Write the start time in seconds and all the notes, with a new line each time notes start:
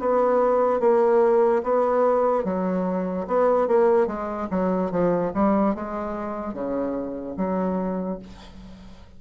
0.00 B3
0.80 A#3
1.64 B3
2.45 F#3
3.28 B3
3.68 A#3
4.07 G#3
4.51 F#3
4.91 F3
5.34 G3
5.75 G#3
6.54 C#3
7.37 F#3